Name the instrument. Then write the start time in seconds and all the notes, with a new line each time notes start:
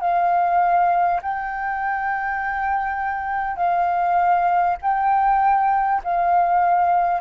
flute
0.00 F5
1.22 G5
3.56 F5
4.81 G5
6.04 F5